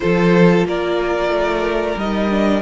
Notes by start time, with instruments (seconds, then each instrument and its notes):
0.00 cello F3, viola F4, violin A4 C5
0.64 cello A#3, violin A#4 D5
1.28 cello A3
1.96 cello G3, viola D#4, violin D#5
2.30 viola D4